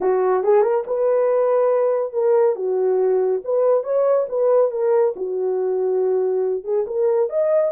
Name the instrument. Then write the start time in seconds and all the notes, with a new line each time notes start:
horn
0.00 F#4
0.43 G#4
0.62 A#4
0.86 B4
2.13 A#4
2.55 F#4
3.44 B4
3.83 C#5
4.28 B4
4.71 A#4
5.16 F#4
6.64 G#4
6.86 A#4
7.29 D#5